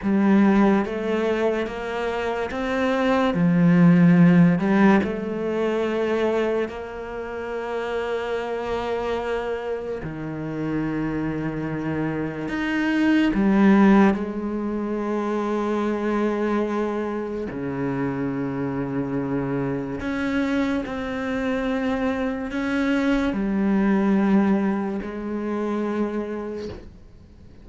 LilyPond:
\new Staff \with { instrumentName = "cello" } { \time 4/4 \tempo 4 = 72 g4 a4 ais4 c'4 | f4. g8 a2 | ais1 | dis2. dis'4 |
g4 gis2.~ | gis4 cis2. | cis'4 c'2 cis'4 | g2 gis2 | }